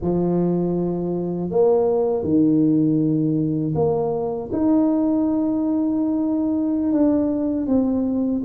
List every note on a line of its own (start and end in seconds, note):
0.01 1.50 F3
1.50 2.23 A#3
2.23 3.73 D#3
3.75 4.50 A#3
4.52 6.92 D#4
6.92 7.66 D4
7.66 8.41 C4